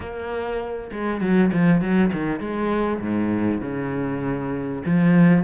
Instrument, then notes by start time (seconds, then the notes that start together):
cello
0.00 A#3
0.91 G#3
1.20 F#3
1.52 F3
1.81 F#3
2.12 D#3
2.39 G#3
3.00 G#2
3.61 C#3
4.85 F3